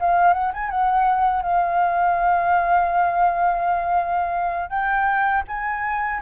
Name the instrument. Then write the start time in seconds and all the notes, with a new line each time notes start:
flute
0.00 F5
0.34 F#5
0.54 G#5
0.71 F#5
1.43 F5
4.70 G5
5.48 G#5